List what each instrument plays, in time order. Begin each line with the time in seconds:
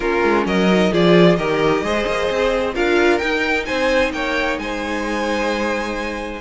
0.00 cello A#3, viola C#4, violin F4 A#4
0.23 cello G#3
0.46 cello F#3, violin A#4 D#5
0.71 viola D#4
0.92 cello F3, viola F4, violin G#4 D5
1.36 cello D#3, viola G4, violin A#4 D#5
1.82 cello G#3, viola G#4, violin C5
2.06 cello A#3
2.30 cello C4
2.74 cello D4, viola F4, violin A#4 F5
3.18 viola D#4, cello D#4, violin G5
3.65 cello C4, violin C5 G#5
4.12 cello A#3, violin C#5 G5
4.57 cello G#3, violin C5 G#5